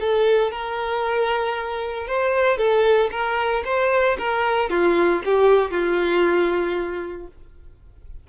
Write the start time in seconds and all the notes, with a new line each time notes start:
0.00 A4
0.51 A#4
2.08 C5
2.58 A4
3.11 A#4
3.65 C5
4.19 A#4
4.70 F4
5.25 G4
5.71 F4